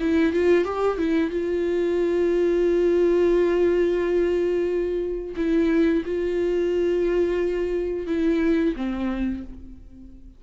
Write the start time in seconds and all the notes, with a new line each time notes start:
0.00 E4
0.33 F4
0.65 G4
0.98 E4
1.30 F4
5.36 E4
6.05 F4
8.07 E4
8.76 C4